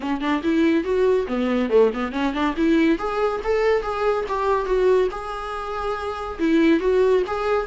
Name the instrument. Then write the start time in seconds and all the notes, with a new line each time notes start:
viola
0.00 C#4
0.20 D4
0.43 E4
0.83 F#4
1.27 B3
1.69 A3
1.93 B3
2.12 C#4
2.33 D4
2.56 E4
2.98 G#4
3.44 A4
3.82 G#4
4.28 G4
4.65 F#4
5.11 G#4
6.39 E4
6.80 F#4
7.26 G#4